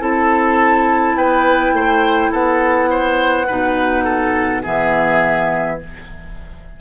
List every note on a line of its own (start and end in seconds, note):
0.00 1.16 C4
0.00 3.46 E4
0.00 1.17 A4
0.00 1.17 A5
1.16 1.73 B3
1.16 1.75 B4
1.16 2.32 G5
1.73 2.31 A3
1.73 2.32 C5
2.32 3.48 B3
2.32 2.89 A4
2.32 4.64 F#5
2.91 3.47 C5
3.47 4.65 B2
3.47 4.64 D#4
3.47 4.05 B4
4.05 4.62 A4
4.63 5.81 E3
4.63 5.79 B3
4.63 5.78 G#4
4.63 5.80 E5